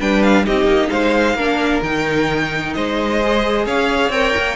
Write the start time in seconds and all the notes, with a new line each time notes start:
0.00 G3 D4 B4 G5
0.23 F5
0.45 C4 D#4 G4 D#5
0.65 A#3
0.90 G#3 C5 F5
1.35 A#3 D4 A#4
1.82 D#3 D#4 G5
2.73 G#3 C5 D#5
3.21 G#4
3.66 C#4 C#5 F5
4.10 C4 A#4 G5
4.37 A#3